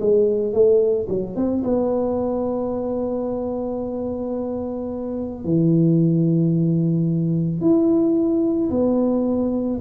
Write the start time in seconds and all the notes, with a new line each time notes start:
0.00 G#3
0.54 A3
1.09 F#3
1.36 C4
1.64 B3
5.44 E3
7.61 E4
8.71 B3